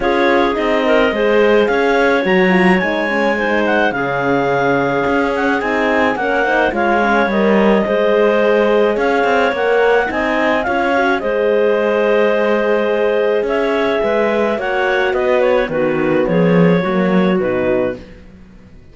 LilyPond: <<
  \new Staff \with { instrumentName = "clarinet" } { \time 4/4 \tempo 4 = 107 cis''4 dis''2 f''4 | ais''4 gis''4. fis''8 f''4~ | f''4. fis''8 gis''4 fis''4 | f''4 dis''2. |
f''4 fis''4 gis''4 f''4 | dis''1 | e''2 fis''4 dis''8 cis''8 | b'4 cis''2 b'4 | }
  \new Staff \with { instrumentName = "clarinet" } { \time 4/4 gis'4. ais'8 c''4 cis''4~ | cis''2 c''4 gis'4~ | gis'2. ais'8 c''8 | cis''2 c''2 |
cis''2 dis''4 cis''4 | c''1 | cis''4 b'4 cis''4 b'4 | fis'4 gis'4 fis'2 | }
  \new Staff \with { instrumentName = "horn" } { \time 4/4 f'4 dis'4 gis'2 | fis'8 f'8 dis'8 cis'8 dis'4 cis'4~ | cis'2 dis'4 cis'8 dis'8 | f'8 cis'8 ais'4 gis'2~ |
gis'4 ais'4 dis'4 f'8 fis'8 | gis'1~ | gis'2 fis'2 | b2 ais4 dis'4 | }
  \new Staff \with { instrumentName = "cello" } { \time 4/4 cis'4 c'4 gis4 cis'4 | fis4 gis2 cis4~ | cis4 cis'4 c'4 ais4 | gis4 g4 gis2 |
cis'8 c'8 ais4 c'4 cis'4 | gis1 | cis'4 gis4 ais4 b4 | dis4 f4 fis4 b,4 | }
>>